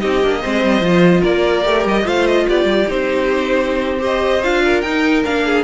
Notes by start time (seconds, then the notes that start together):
0.00 C4 D#4 G4 D#5
0.22 A#3 D4
0.42 G#3 C4 C5
0.64 G3
0.81 F3 F4
1.21 A#3 A#4 D5
1.65 A3 G4
1.85 G3 D#5
2.04 A3 F4 C5 F5
2.27 D#5
2.48 B3 G4 D5
2.65 G3
2.88 C4 D#4 C5
4.00 G4 C5 D#5
4.44 D4 F4 F5
4.65 A#4
4.82 D#4 G5
5.25 A#3 D4 F5
5.46 G#4